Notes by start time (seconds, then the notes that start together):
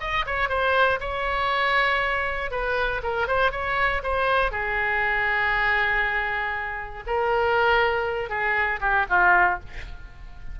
0.00 D#5
0.26 C#5
0.49 C5
1.00 C#5
2.51 B4
3.03 A#4
3.27 C5
3.52 C#5
4.03 C5
4.51 G#4
7.07 A#4
8.29 G#4
8.81 G4
9.10 F4